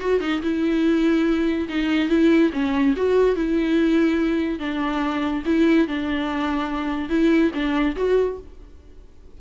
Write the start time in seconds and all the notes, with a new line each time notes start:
0.00 F#4
0.21 D#4
0.42 E4
1.69 D#4
2.09 E4
2.53 C#4
2.96 F#4
3.36 E4
4.59 D4
5.46 E4
5.88 D4
7.09 E4
7.54 D4
7.96 F#4